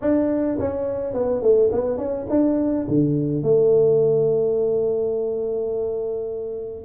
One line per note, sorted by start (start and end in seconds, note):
0.01 0.58 D4
0.59 1.13 C#4
1.13 1.41 B3
1.41 1.70 A3
1.72 1.97 B3
1.97 2.26 C#4
2.29 2.86 D4
2.88 3.43 D3
3.43 6.84 A3